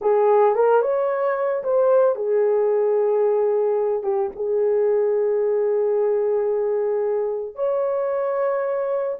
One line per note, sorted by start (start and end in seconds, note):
0.01 0.55 G#4
0.55 0.82 A#4
0.82 1.63 C#5
1.63 2.15 C5
2.15 4.03 G#4
4.03 4.30 G4
4.35 7.55 G#4
7.55 9.17 C#5